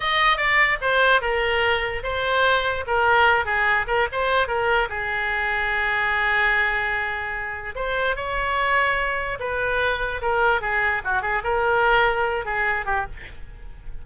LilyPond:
\new Staff \with { instrumentName = "oboe" } { \time 4/4 \tempo 4 = 147 dis''4 d''4 c''4 ais'4~ | ais'4 c''2 ais'4~ | ais'8 gis'4 ais'8 c''4 ais'4 | gis'1~ |
gis'2. c''4 | cis''2. b'4~ | b'4 ais'4 gis'4 fis'8 gis'8 | ais'2~ ais'8 gis'4 g'8 | }